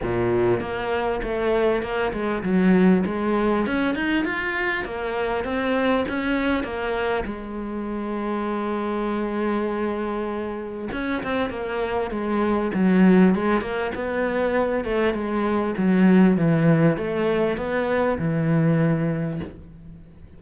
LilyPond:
\new Staff \with { instrumentName = "cello" } { \time 4/4 \tempo 4 = 99 ais,4 ais4 a4 ais8 gis8 | fis4 gis4 cis'8 dis'8 f'4 | ais4 c'4 cis'4 ais4 | gis1~ |
gis2 cis'8 c'8 ais4 | gis4 fis4 gis8 ais8 b4~ | b8 a8 gis4 fis4 e4 | a4 b4 e2 | }